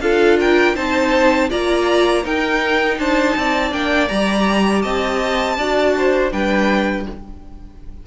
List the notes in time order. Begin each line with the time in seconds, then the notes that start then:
0.00 D4 F4 A4 F5
0.39 A#4 G5
0.75 C4 D#4 C5 A5
1.50 A#3 F4 D5 A#5
2.23 D#4 A#4 G5
2.98 D4 C5 A5
3.36 C4 D5
3.71 A#3 D4 G5
4.08 G3 G4 A#5
4.82 C4 D#5 A5
5.57 D4 F#4 D5
5.97 C5
6.31 G3 D4 B4 G5